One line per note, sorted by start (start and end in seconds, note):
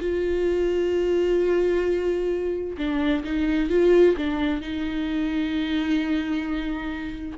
0.00 2.77 F4
2.77 3.23 D4
3.24 3.70 D#4
3.70 4.16 F4
4.17 4.62 D4
4.62 7.38 D#4